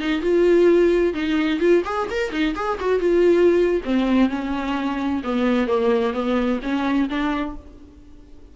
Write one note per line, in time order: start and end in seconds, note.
0.00 0.22 D#4
0.22 1.14 F4
1.14 1.60 D#4
1.60 1.83 F4
1.85 2.08 G#4
2.11 2.32 A#4
2.32 2.55 D#4
2.55 2.78 G#4
2.80 3.00 F#4
3.00 3.81 F4
3.85 4.29 C4
4.29 5.22 C#4
5.24 5.67 B3
5.67 6.13 A#3
6.13 6.60 B3
6.63 7.09 C#4
7.10 7.56 D4